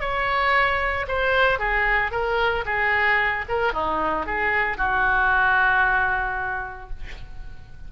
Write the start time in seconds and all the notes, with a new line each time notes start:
0.00 C#5
1.08 C5
1.59 G#4
2.11 A#4
2.65 G#4
3.49 A#4
3.73 D#4
4.26 G#4
4.77 F#4